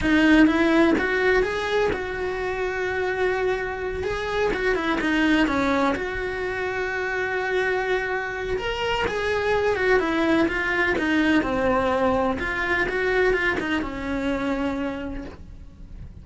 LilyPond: \new Staff \with { instrumentName = "cello" } { \time 4/4 \tempo 4 = 126 dis'4 e'4 fis'4 gis'4 | fis'1~ | fis'8 gis'4 fis'8 e'8 dis'4 cis'8~ | cis'8 fis'2.~ fis'8~ |
fis'2 ais'4 gis'4~ | gis'8 fis'8 e'4 f'4 dis'4 | c'2 f'4 fis'4 | f'8 dis'8 cis'2. | }